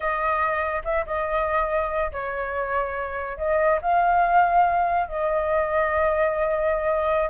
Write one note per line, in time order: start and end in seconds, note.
0.00 0.82 D#5
0.84 1.05 E5
1.06 2.11 D#5
2.12 3.37 C#5
3.37 3.79 D#5
3.81 5.08 F5
5.08 7.29 D#5